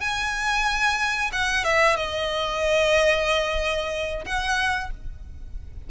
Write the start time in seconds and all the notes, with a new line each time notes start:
0.00 G#5
1.32 F#5
1.64 E5
1.96 D#5
4.25 F#5